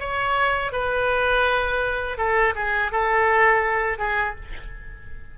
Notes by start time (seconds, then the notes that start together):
0.00 C#5
0.73 B4
2.18 A4
2.56 G#4
2.92 A4
3.99 G#4